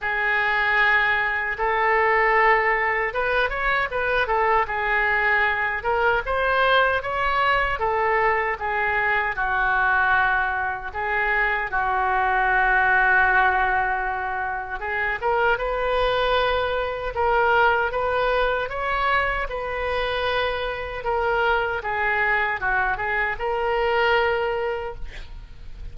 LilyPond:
\new Staff \with { instrumentName = "oboe" } { \time 4/4 \tempo 4 = 77 gis'2 a'2 | b'8 cis''8 b'8 a'8 gis'4. ais'8 | c''4 cis''4 a'4 gis'4 | fis'2 gis'4 fis'4~ |
fis'2. gis'8 ais'8 | b'2 ais'4 b'4 | cis''4 b'2 ais'4 | gis'4 fis'8 gis'8 ais'2 | }